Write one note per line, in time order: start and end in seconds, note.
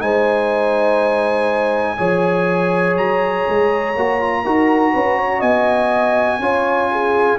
0.00 1.98 G#3
0.00 1.97 D#4
0.00 1.98 C5
0.00 2.96 G#5
1.97 2.97 F3
1.97 3.94 G#4
1.97 4.43 C#5
2.97 3.46 F#3
2.97 5.41 A#5
3.50 3.96 G#3
3.96 4.45 A#3
3.96 4.21 F#4
4.21 4.45 F4
4.43 4.94 D#4
4.43 6.41 F#4
4.43 4.92 A#4
4.94 5.42 C#4
4.94 5.18 B4
5.18 5.39 C#5
5.39 6.39 B3
5.39 6.38 D#5
5.39 7.38 G#5
6.39 7.38 C#4
6.39 7.39 F4
6.39 6.91 C#5
6.92 7.39 G#4